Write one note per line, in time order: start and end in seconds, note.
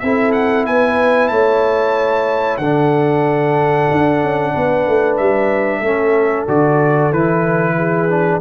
0.00 0.67 C4
0.00 2.62 E4
0.00 0.68 A4
0.00 0.32 E5
0.33 0.65 F#5
0.67 1.31 B3
0.67 1.32 B4
0.67 1.28 G#5
1.28 2.59 A3
1.28 2.60 C#5
1.28 2.58 A5
2.58 3.88 D3
2.58 4.53 A4
2.58 5.16 F#5
2.65 5.85 D4
3.92 4.23 D4
4.23 4.56 C#4
4.54 4.88 B3
4.54 5.80 B4
4.88 5.20 A3
5.17 5.81 G3
5.17 6.46 E5
5.80 6.46 A3
5.80 6.48 C#4
5.80 7.74 A4
6.48 7.12 D3
6.48 7.13 F#4
6.48 7.13 D5
7.12 8.41 E3
7.12 8.10 E4
7.12 8.41 B4
7.78 8.41 G#4
8.10 8.41 D4